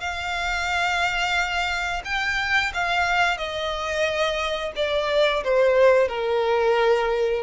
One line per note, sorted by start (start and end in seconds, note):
0.00 2.02 F5
2.05 2.72 G5
2.74 3.37 F5
3.37 4.72 D#5
4.76 5.43 D5
5.44 6.08 C5
6.08 7.43 A#4